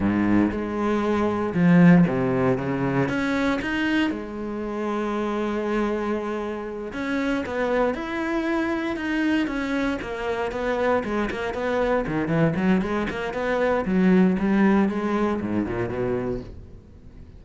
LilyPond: \new Staff \with { instrumentName = "cello" } { \time 4/4 \tempo 4 = 117 gis,4 gis2 f4 | c4 cis4 cis'4 dis'4 | gis1~ | gis4. cis'4 b4 e'8~ |
e'4. dis'4 cis'4 ais8~ | ais8 b4 gis8 ais8 b4 dis8 | e8 fis8 gis8 ais8 b4 fis4 | g4 gis4 gis,8 ais,8 b,4 | }